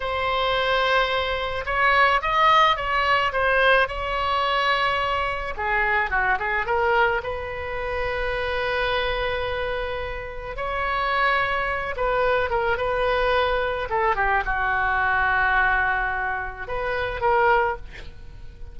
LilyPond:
\new Staff \with { instrumentName = "oboe" } { \time 4/4 \tempo 4 = 108 c''2. cis''4 | dis''4 cis''4 c''4 cis''4~ | cis''2 gis'4 fis'8 gis'8 | ais'4 b'2.~ |
b'2. cis''4~ | cis''4. b'4 ais'8 b'4~ | b'4 a'8 g'8 fis'2~ | fis'2 b'4 ais'4 | }